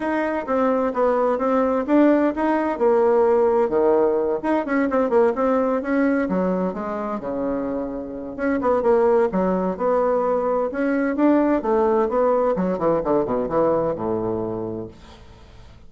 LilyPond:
\new Staff \with { instrumentName = "bassoon" } { \time 4/4 \tempo 4 = 129 dis'4 c'4 b4 c'4 | d'4 dis'4 ais2 | dis4. dis'8 cis'8 c'8 ais8 c'8~ | c'8 cis'4 fis4 gis4 cis8~ |
cis2 cis'8 b8 ais4 | fis4 b2 cis'4 | d'4 a4 b4 fis8 e8 | d8 b,8 e4 a,2 | }